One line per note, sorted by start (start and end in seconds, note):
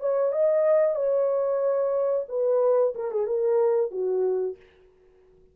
0.00 0.32 C#5
0.32 0.95 D#5
0.95 2.26 C#5
2.28 2.93 B4
2.94 3.11 A#4
3.11 3.26 G#4
3.26 3.90 A#4
3.90 4.56 F#4